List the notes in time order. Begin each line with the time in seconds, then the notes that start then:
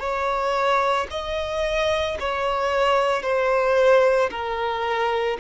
0.00 C#5
1.11 D#5
2.20 C#5
3.23 C5
4.31 A#4